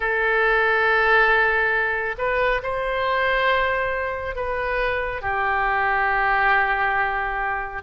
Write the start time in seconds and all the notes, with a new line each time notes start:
0.00 A4
2.17 B4
2.62 C5
4.35 B4
5.21 G4